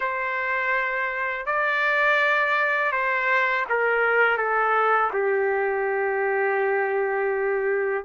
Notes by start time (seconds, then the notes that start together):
0.00 C5
1.46 D5
2.92 C5
3.69 A#4
4.37 A4
5.13 G4